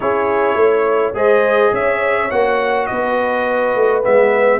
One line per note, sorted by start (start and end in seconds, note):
0.00 0.55 C#4
0.00 1.14 E4
0.00 0.57 G#4
0.00 1.14 C#5
0.55 1.12 A3
0.55 1.15 C#5
1.14 1.72 G#3
1.14 2.29 G#4
1.14 1.73 C5
1.14 1.74 D#5
1.72 2.30 C#4
1.72 2.89 C#5
1.72 2.30 E5
2.30 2.88 A#3
2.30 4.03 F#4
2.30 2.86 F#5
2.86 3.75 B3
2.86 4.60 B4
2.86 4.01 D#5
3.75 4.04 A3
4.03 4.60 G#3
4.03 4.60 B3
4.03 4.60 E5